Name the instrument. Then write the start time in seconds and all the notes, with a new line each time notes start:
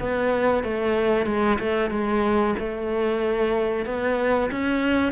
cello
0.00 B3
0.64 A3
1.26 G#3
1.59 A3
1.90 G#3
2.59 A3
3.86 B3
4.51 C#4